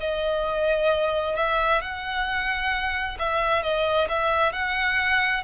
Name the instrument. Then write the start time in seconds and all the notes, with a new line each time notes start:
violin
0.00 D#5
1.36 E5
1.81 F#5
3.19 E5
3.63 D#5
4.09 E5
4.53 F#5